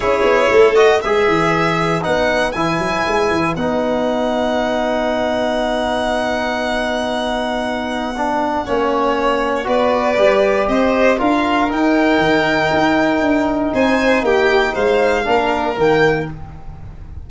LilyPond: <<
  \new Staff \with { instrumentName = "violin" } { \time 4/4 \tempo 4 = 118 cis''4. dis''8 e''2 | fis''4 gis''2 fis''4~ | fis''1~ | fis''1~ |
fis''2. d''4~ | d''4 dis''4 f''4 g''4~ | g''2. gis''4 | g''4 f''2 g''4 | }
  \new Staff \with { instrumentName = "violin" } { \time 4/4 gis'4 a'4 b'2~ | b'1~ | b'1~ | b'1~ |
b'4 cis''2 b'4~ | b'4 c''4 ais'2~ | ais'2. c''4 | g'4 c''4 ais'2 | }
  \new Staff \with { instrumentName = "trombone" } { \time 4/4 e'4. fis'8 gis'2 | dis'4 e'2 dis'4~ | dis'1~ | dis'1 |
d'4 cis'2 fis'4 | g'2 f'4 dis'4~ | dis'1~ | dis'2 d'4 ais4 | }
  \new Staff \with { instrumentName = "tuba" } { \time 4/4 cis'8 b8 a4 gis8 e4. | b4 e8 fis8 gis8 e8 b4~ | b1~ | b1~ |
b4 ais2 b4 | g4 c'4 d'4 dis'4 | dis4 dis'4 d'4 c'4 | ais4 gis4 ais4 dis4 | }
>>